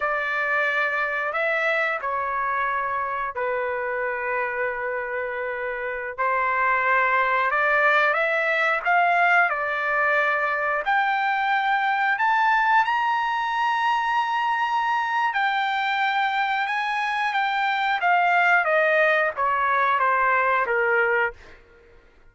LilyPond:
\new Staff \with { instrumentName = "trumpet" } { \time 4/4 \tempo 4 = 90 d''2 e''4 cis''4~ | cis''4 b'2.~ | b'4~ b'16 c''2 d''8.~ | d''16 e''4 f''4 d''4.~ d''16~ |
d''16 g''2 a''4 ais''8.~ | ais''2. g''4~ | g''4 gis''4 g''4 f''4 | dis''4 cis''4 c''4 ais'4 | }